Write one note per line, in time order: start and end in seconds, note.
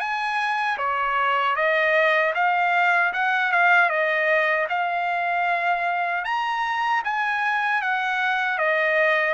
0.00 0.78 G#5
0.78 1.56 C#5
1.56 2.34 D#5
2.35 3.13 F5
3.13 3.52 F#5
3.52 3.90 F5
3.90 4.68 D#5
4.69 6.25 F5
6.25 7.03 A#5
7.04 7.82 G#5
7.82 8.58 F#5
8.58 9.34 D#5